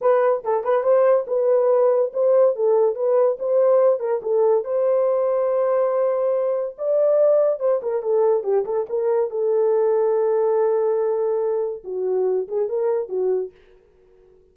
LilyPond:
\new Staff \with { instrumentName = "horn" } { \time 4/4 \tempo 4 = 142 b'4 a'8 b'8 c''4 b'4~ | b'4 c''4 a'4 b'4 | c''4. ais'8 a'4 c''4~ | c''1 |
d''2 c''8 ais'8 a'4 | g'8 a'8 ais'4 a'2~ | a'1 | fis'4. gis'8 ais'4 fis'4 | }